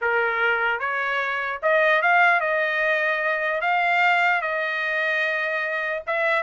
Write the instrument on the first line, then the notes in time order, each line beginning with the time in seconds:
trumpet
0.01 A#4
0.79 C#5
1.62 D#5
2.02 F5
2.40 D#5
3.61 F5
4.41 D#5
6.06 E5